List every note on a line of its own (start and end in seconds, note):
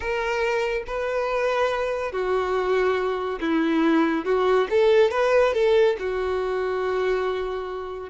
0.00 0.83 A#4
0.86 2.12 B4
2.12 3.39 F#4
3.40 4.25 E4
4.25 4.67 F#4
4.70 5.11 A4
5.11 5.53 B4
5.53 5.96 A4
5.99 8.09 F#4